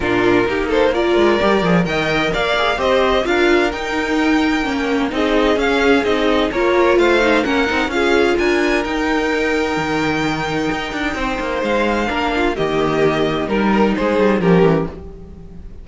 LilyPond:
<<
  \new Staff \with { instrumentName = "violin" } { \time 4/4 \tempo 4 = 129 ais'4. c''8 d''2 | g''4 f''4 dis''4 f''4 | g''2. dis''4 | f''4 dis''4 cis''4 f''4 |
fis''4 f''4 gis''4 g''4~ | g''1~ | g''4 f''2 dis''4~ | dis''4 ais'4 c''4 ais'4 | }
  \new Staff \with { instrumentName = "violin" } { \time 4/4 f'4 g'8 a'8 ais'2 | dis''4 d''4 c''4 ais'4~ | ais'2. gis'4~ | gis'2 ais'4 c''4 |
ais'4 gis'4 ais'2~ | ais'1 | c''2 ais'8 f'8 g'4~ | g'4 ais'4 gis'4 g'4 | }
  \new Staff \with { instrumentName = "viola" } { \time 4/4 d'4 dis'4 f'4 g'8 gis'8 | ais'4. gis'8 g'4 f'4 | dis'2 cis'4 dis'4 | cis'4 dis'4 f'4. dis'8 |
cis'8 dis'8 f'2 dis'4~ | dis'1~ | dis'2 d'4 ais4~ | ais4 dis'2 cis'4 | }
  \new Staff \with { instrumentName = "cello" } { \time 4/4 ais,4 ais4. gis8 g8 f8 | dis4 ais4 c'4 d'4 | dis'2 ais4 c'4 | cis'4 c'4 ais4 a4 |
ais8 c'8 cis'4 d'4 dis'4~ | dis'4 dis2 dis'8 d'8 | c'8 ais8 gis4 ais4 dis4~ | dis4 g4 gis8 g8 f8 e8 | }
>>